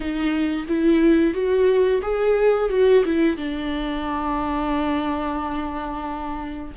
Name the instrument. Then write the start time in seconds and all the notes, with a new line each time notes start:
viola
0.00 D#4
0.67 E4
1.34 F#4
2.02 G#4
2.69 F#4
3.05 E4
3.36 D4